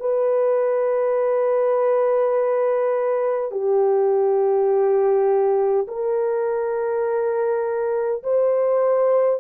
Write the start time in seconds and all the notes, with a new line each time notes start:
0.00 B4
3.51 G4
5.87 A#4
8.23 C5